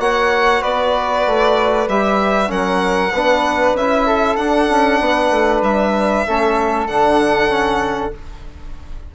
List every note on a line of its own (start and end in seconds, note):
0.00 0.62 A#3
0.00 1.88 F#4
0.00 0.62 C#5
0.00 0.63 F#5
0.62 1.27 B3
0.62 2.49 B4
0.62 1.88 D5
1.27 1.89 A3
1.89 2.51 G3
1.89 2.48 G4
1.89 2.52 E5
2.48 3.13 F#3
2.48 3.10 C#4
2.48 3.13 A#4
2.48 3.77 F#5
3.13 3.74 B3
3.13 3.79 D4
3.13 4.07 B4
3.74 4.37 C#4
3.74 4.40 E4
3.74 4.37 E5
4.07 5.01 A4
4.37 4.69 D4
4.37 6.27 D4
4.37 5.62 F#5
4.70 5.01 C#4
5.01 5.31 B3
5.01 6.26 B4
5.31 5.62 A3
5.62 6.25 G3
5.62 6.88 E5
6.27 6.89 A3
6.27 6.89 C#4
6.27 8.16 A4
6.88 8.14 D3
6.88 7.49 D4
6.88 8.12 F#5
7.49 8.11 C#4